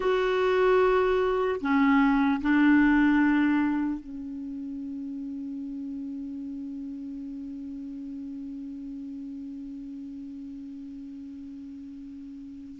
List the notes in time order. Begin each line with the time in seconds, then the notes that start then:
0.00 F#4
1.60 C#4
2.41 D4
4.00 C#4